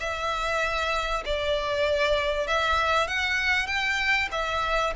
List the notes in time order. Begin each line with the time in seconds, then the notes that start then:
0.00 E5
1.25 D5
2.47 E5
3.08 F#5
3.67 G5
4.32 E5